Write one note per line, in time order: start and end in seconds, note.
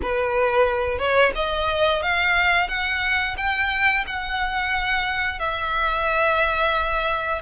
0.02 0.98 B4
0.98 1.31 C#5
1.35 2.02 D#5
2.02 2.68 F5
2.68 3.36 F#5
3.37 4.04 G5
4.06 5.39 F#5
5.39 7.41 E5